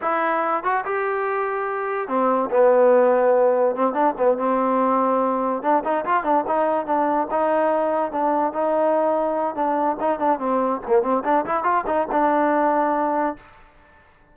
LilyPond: \new Staff \with { instrumentName = "trombone" } { \time 4/4 \tempo 4 = 144 e'4. fis'8 g'2~ | g'4 c'4 b2~ | b4 c'8 d'8 b8 c'4.~ | c'4. d'8 dis'8 f'8 d'8 dis'8~ |
dis'8 d'4 dis'2 d'8~ | d'8 dis'2~ dis'8 d'4 | dis'8 d'8 c'4 ais8 c'8 d'8 e'8 | f'8 dis'8 d'2. | }